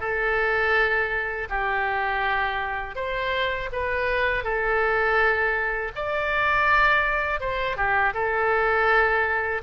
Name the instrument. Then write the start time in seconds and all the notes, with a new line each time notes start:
oboe
0.00 A4
1.49 G4
2.95 C5
3.72 B4
4.44 A4
5.95 D5
7.40 C5
7.76 G4
8.14 A4